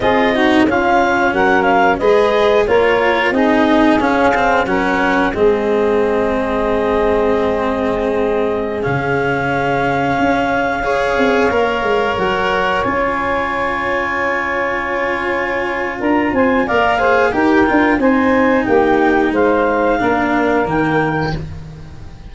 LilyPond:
<<
  \new Staff \with { instrumentName = "clarinet" } { \time 4/4 \tempo 4 = 90 dis''4 f''4 fis''8 f''8 dis''4 | cis''4 dis''4 f''4 fis''4 | dis''1~ | dis''4~ dis''16 f''2~ f''8.~ |
f''2~ f''16 fis''4 gis''8.~ | gis''1 | ais''8 gis''8 f''4 g''4 gis''4 | g''4 f''2 g''4 | }
  \new Staff \with { instrumentName = "saxophone" } { \time 4/4 gis'8 fis'8 f'4 ais'4 b'4 | ais'4 gis'2 ais'4 | gis'1~ | gis'1~ |
gis'16 cis''2.~ cis''8.~ | cis''1 | ais'8 c''8 d''8 c''8 ais'4 c''4 | g'4 c''4 ais'2 | }
  \new Staff \with { instrumentName = "cello" } { \time 4/4 f'8 dis'8 cis'2 gis'4 | f'4 dis'4 cis'8 c'8 cis'4 | c'1~ | c'4~ c'16 cis'2~ cis'8.~ |
cis'16 gis'4 ais'2 f'8.~ | f'1~ | f'4 ais'8 gis'8 g'8 f'8 dis'4~ | dis'2 d'4 ais4 | }
  \new Staff \with { instrumentName = "tuba" } { \time 4/4 c'4 cis'4 fis4 gis4 | ais4 c'4 cis'4 fis4 | gis1~ | gis4~ gis16 cis2 cis'8.~ |
cis'8. c'8 ais8 gis8 fis4 cis'8.~ | cis'1 | d'8 c'8 ais4 dis'8 d'8 c'4 | ais4 gis4 ais4 dis4 | }
>>